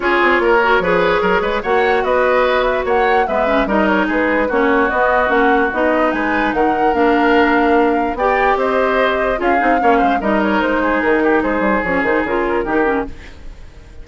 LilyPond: <<
  \new Staff \with { instrumentName = "flute" } { \time 4/4 \tempo 4 = 147 cis''1 | fis''4 dis''4. e''8 fis''4 | e''4 dis''8 cis''8 b'4 cis''4 | dis''4 fis''4 dis''4 gis''4 |
fis''4 f''2. | g''4 dis''2 f''4~ | f''4 dis''8 cis''8 c''4 ais'4 | c''4 cis''8 c''8 ais'2 | }
  \new Staff \with { instrumentName = "oboe" } { \time 4/4 gis'4 ais'4 b'4 ais'8 b'8 | cis''4 b'2 cis''4 | b'4 ais'4 gis'4 fis'4~ | fis'2. b'4 |
ais'1 | d''4 c''2 gis'4 | cis''8 c''8 ais'4. gis'4 g'8 | gis'2. g'4 | }
  \new Staff \with { instrumentName = "clarinet" } { \time 4/4 f'4. fis'8 gis'2 | fis'1 | b8 cis'8 dis'2 cis'4 | b4 cis'4 dis'2~ |
dis'4 d'2. | g'2. f'8 dis'8 | cis'4 dis'2.~ | dis'4 cis'8 dis'8 f'4 dis'8 cis'8 | }
  \new Staff \with { instrumentName = "bassoon" } { \time 4/4 cis'8 c'8 ais4 f4 fis8 gis8 | ais4 b2 ais4 | gis4 g4 gis4 ais4 | b4 ais4 b4 gis4 |
dis4 ais2. | b4 c'2 cis'8 c'8 | ais8 gis8 g4 gis4 dis4 | gis8 g8 f8 dis8 cis4 dis4 | }
>>